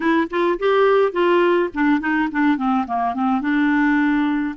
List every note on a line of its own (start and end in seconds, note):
0.00 0.28 E4
0.30 0.58 F4
0.59 1.12 G4
1.12 1.69 F4
1.74 2.00 D4
2.00 2.29 D#4
2.31 2.57 D4
2.57 2.85 C4
2.86 3.14 A#3
3.14 3.41 C4
3.41 4.55 D4